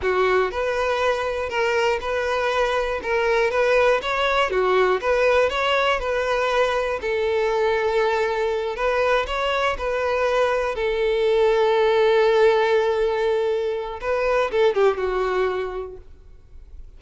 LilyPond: \new Staff \with { instrumentName = "violin" } { \time 4/4 \tempo 4 = 120 fis'4 b'2 ais'4 | b'2 ais'4 b'4 | cis''4 fis'4 b'4 cis''4 | b'2 a'2~ |
a'4. b'4 cis''4 b'8~ | b'4. a'2~ a'8~ | a'1 | b'4 a'8 g'8 fis'2 | }